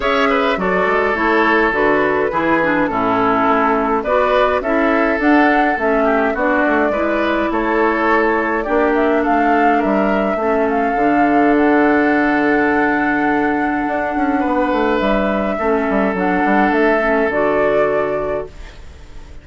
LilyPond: <<
  \new Staff \with { instrumentName = "flute" } { \time 4/4 \tempo 4 = 104 e''4 d''4 cis''4 b'4~ | b'4 a'2 d''4 | e''4 fis''4 e''4 d''4~ | d''4 cis''2 d''8 e''8 |
f''4 e''4. f''4. | fis''1~ | fis''2 e''2 | fis''4 e''4 d''2 | }
  \new Staff \with { instrumentName = "oboe" } { \time 4/4 cis''8 b'8 a'2. | gis'4 e'2 b'4 | a'2~ a'8 g'8 fis'4 | b'4 a'2 g'4 |
a'4 ais'4 a'2~ | a'1~ | a'4 b'2 a'4~ | a'1 | }
  \new Staff \with { instrumentName = "clarinet" } { \time 4/4 gis'4 fis'4 e'4 fis'4 | e'8 d'8 cis'2 fis'4 | e'4 d'4 cis'4 d'4 | e'2. d'4~ |
d'2 cis'4 d'4~ | d'1~ | d'2. cis'4 | d'4. cis'8 fis'2 | }
  \new Staff \with { instrumentName = "bassoon" } { \time 4/4 cis'4 fis8 gis8 a4 d4 | e4 a,4 a4 b4 | cis'4 d'4 a4 b8 a8 | gis4 a2 ais4 |
a4 g4 a4 d4~ | d1 | d'8 cis'8 b8 a8 g4 a8 g8 | fis8 g8 a4 d2 | }
>>